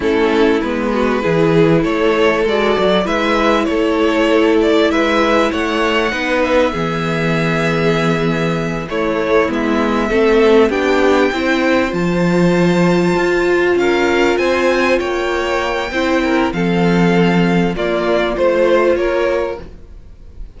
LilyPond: <<
  \new Staff \with { instrumentName = "violin" } { \time 4/4 \tempo 4 = 98 a'4 b'2 cis''4 | d''4 e''4 cis''4. d''8 | e''4 fis''4. e''4.~ | e''2~ e''8 cis''4 e''8~ |
e''4. g''2 a''8~ | a''2~ a''8 f''4 gis''8~ | gis''8 g''2~ g''8 f''4~ | f''4 d''4 c''4 cis''4 | }
  \new Staff \with { instrumentName = "violin" } { \time 4/4 e'4. fis'8 gis'4 a'4~ | a'4 b'4 a'2 | b'4 cis''4 b'4 gis'4~ | gis'2~ gis'8 e'4.~ |
e'8 a'4 g'4 c''4.~ | c''2~ c''8 ais'4 c''8~ | c''8 cis''4. c''8 ais'8 a'4~ | a'4 f'4 c''4 ais'4 | }
  \new Staff \with { instrumentName = "viola" } { \time 4/4 cis'4 b4 e'2 | fis'4 e'2.~ | e'2 dis'4 b4~ | b2~ b8 a4 b8~ |
b8 c'4 d'4 e'4 f'8~ | f'1~ | f'2 e'4 c'4~ | c'4 ais4 f'2 | }
  \new Staff \with { instrumentName = "cello" } { \time 4/4 a4 gis4 e4 a4 | gis8 fis8 gis4 a2 | gis4 a4 b4 e4~ | e2~ e8 a4 gis8~ |
gis8 a4 b4 c'4 f8~ | f4. f'4 cis'4 c'8~ | c'8 ais4. c'4 f4~ | f4 ais4 a4 ais4 | }
>>